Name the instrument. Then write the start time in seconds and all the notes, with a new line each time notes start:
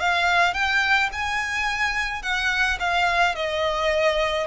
violin
0.00 F5
0.54 G5
1.12 G#5
2.23 F#5
2.80 F5
3.35 D#5